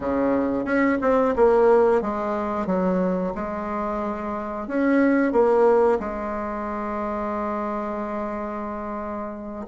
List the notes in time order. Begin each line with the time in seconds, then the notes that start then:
0.00 C#3
0.64 C#4
1.01 C4
1.35 A#3
2.01 G#3
2.66 F#3
3.34 G#3
4.67 C#4
5.32 A#3
5.99 G#3